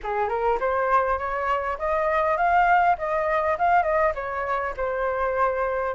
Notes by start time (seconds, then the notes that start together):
0.03 G#4
0.29 A#4
0.59 C5
1.18 C#5
1.78 D#5
2.37 F5
2.98 D#5
3.58 F5
3.83 D#5
4.14 C#5
4.76 C5